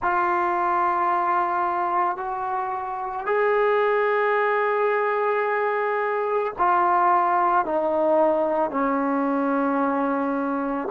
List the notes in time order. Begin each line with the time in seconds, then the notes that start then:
0.02 F4
2.17 F#4
3.25 G#4
6.58 F4
7.65 D#4
8.70 C#4